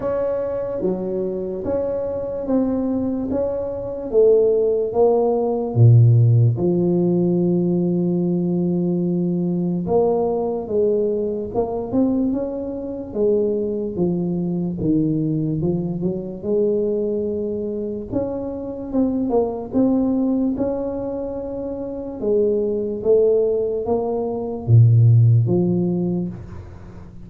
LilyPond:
\new Staff \with { instrumentName = "tuba" } { \time 4/4 \tempo 4 = 73 cis'4 fis4 cis'4 c'4 | cis'4 a4 ais4 ais,4 | f1 | ais4 gis4 ais8 c'8 cis'4 |
gis4 f4 dis4 f8 fis8 | gis2 cis'4 c'8 ais8 | c'4 cis'2 gis4 | a4 ais4 ais,4 f4 | }